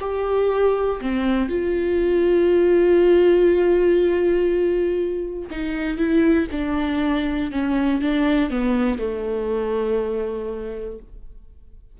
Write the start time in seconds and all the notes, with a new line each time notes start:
0.00 G4
1.01 C4
1.49 F4
5.50 D#4
5.97 E4
6.51 D4
7.51 C#4
8.01 D4
8.50 B3
8.98 A3